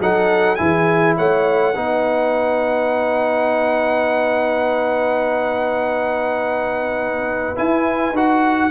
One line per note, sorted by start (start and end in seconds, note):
0.00 0.58 F#3
0.00 0.58 D#4
0.00 0.60 A4
0.00 0.56 F#5
0.56 1.18 E3
0.56 1.74 E4
0.56 1.17 G#4
0.56 1.14 G#5
1.17 1.76 A3
1.17 1.75 C#5
1.17 7.58 F#5
1.76 7.59 B3
1.76 7.56 D#4
1.76 8.71 B4
7.56 8.14 E4
7.56 8.12 E4
7.56 8.16 G#5
8.12 8.70 D#4
8.12 8.71 F#4
8.12 8.71 F#5